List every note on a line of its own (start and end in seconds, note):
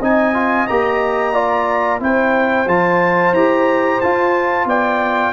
0.00 0.67 C4
0.00 0.34 D#4
0.00 1.34 D#5
0.00 0.67 G#5
0.34 0.67 F4
0.67 2.00 A#3
0.67 1.34 G4
0.67 2.01 A#5
1.34 2.00 F4
1.34 2.01 D5
2.00 2.67 C4
2.00 2.66 E4
2.00 4.69 C5
2.00 2.69 G5
2.67 3.33 F3
2.67 3.35 F4
2.67 3.34 A5
3.33 4.00 E4
3.33 4.02 G4
3.33 4.01 A#5
4.01 4.65 F4
4.01 5.33 F4
4.01 4.67 A5
4.65 5.32 B3
4.65 5.33 D5
4.65 5.33 G5